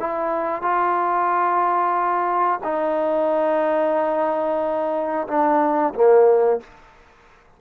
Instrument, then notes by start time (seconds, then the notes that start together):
trombone
0.00 E4
0.62 F4
2.64 D#4
5.28 D4
5.95 A#3